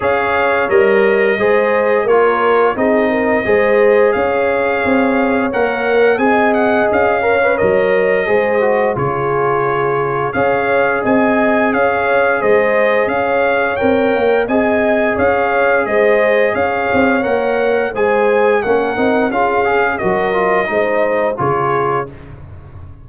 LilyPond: <<
  \new Staff \with { instrumentName = "trumpet" } { \time 4/4 \tempo 4 = 87 f''4 dis''2 cis''4 | dis''2 f''2 | fis''4 gis''8 fis''8 f''4 dis''4~ | dis''4 cis''2 f''4 |
gis''4 f''4 dis''4 f''4 | g''4 gis''4 f''4 dis''4 | f''4 fis''4 gis''4 fis''4 | f''4 dis''2 cis''4 | }
  \new Staff \with { instrumentName = "horn" } { \time 4/4 cis''2 c''4 ais'4 | gis'8 ais'8 c''4 cis''2~ | cis''4 dis''4. cis''4. | c''4 gis'2 cis''4 |
dis''4 cis''4 c''4 cis''4~ | cis''4 dis''4 cis''4 c''4 | cis''2 c''4 ais'4 | gis'4 ais'4 c''4 gis'4 | }
  \new Staff \with { instrumentName = "trombone" } { \time 4/4 gis'4 ais'4 gis'4 f'4 | dis'4 gis'2. | ais'4 gis'4. ais'16 b'16 ais'4 | gis'8 fis'8 f'2 gis'4~ |
gis'1 | ais'4 gis'2.~ | gis'4 ais'4 gis'4 cis'8 dis'8 | f'8 gis'8 fis'8 f'8 dis'4 f'4 | }
  \new Staff \with { instrumentName = "tuba" } { \time 4/4 cis'4 g4 gis4 ais4 | c'4 gis4 cis'4 c'4 | ais4 c'4 cis'4 fis4 | gis4 cis2 cis'4 |
c'4 cis'4 gis4 cis'4 | c'8 ais8 c'4 cis'4 gis4 | cis'8 c'8 ais4 gis4 ais8 c'8 | cis'4 fis4 gis4 cis4 | }
>>